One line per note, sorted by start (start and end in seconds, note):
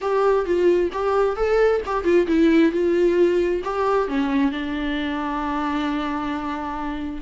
0.01 0.45 G4
0.45 0.90 F4
0.92 1.36 G4
1.36 1.81 A4
1.85 2.04 G4
2.04 2.26 F4
2.27 2.71 E4
2.71 3.62 F4
3.64 4.08 G4
4.08 4.51 C#4
4.51 7.21 D4